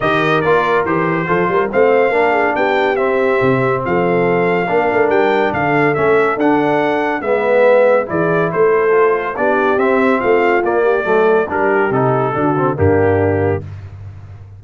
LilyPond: <<
  \new Staff \with { instrumentName = "trumpet" } { \time 4/4 \tempo 4 = 141 dis''4 d''4 c''2 | f''2 g''4 e''4~ | e''4 f''2. | g''4 f''4 e''4 fis''4~ |
fis''4 e''2 d''4 | c''2 d''4 e''4 | f''4 d''2 ais'4 | a'2 g'2 | }
  \new Staff \with { instrumentName = "horn" } { \time 4/4 ais'2. a'8 ais'8 | c''4 ais'8 gis'8 g'2~ | g'4 a'2 ais'4~ | ais'4 a'2.~ |
a'4 b'2 gis'4 | a'2 g'2 | f'4. g'8 a'4 g'4~ | g'4 fis'4 d'2 | }
  \new Staff \with { instrumentName = "trombone" } { \time 4/4 g'4 f'4 g'4 f'4 | c'4 d'2 c'4~ | c'2. d'4~ | d'2 cis'4 d'4~ |
d'4 b2 e'4~ | e'4 f'4 d'4 c'4~ | c'4 ais4 a4 d'4 | dis'4 d'8 c'8 ais2 | }
  \new Staff \with { instrumentName = "tuba" } { \time 4/4 dis4 ais4 e4 f8 g8 | a4 ais4 b4 c'4 | c4 f2 ais8 a8 | g4 d4 a4 d'4~ |
d'4 gis2 e4 | a2 b4 c'4 | a4 ais4 fis4 g4 | c4 d4 g,2 | }
>>